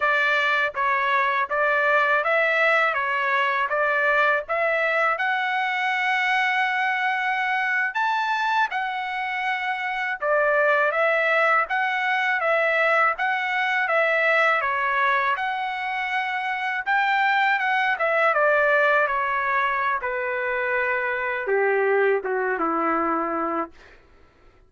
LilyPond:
\new Staff \with { instrumentName = "trumpet" } { \time 4/4 \tempo 4 = 81 d''4 cis''4 d''4 e''4 | cis''4 d''4 e''4 fis''4~ | fis''2~ fis''8. a''4 fis''16~ | fis''4.~ fis''16 d''4 e''4 fis''16~ |
fis''8. e''4 fis''4 e''4 cis''16~ | cis''8. fis''2 g''4 fis''16~ | fis''16 e''8 d''4 cis''4~ cis''16 b'4~ | b'4 g'4 fis'8 e'4. | }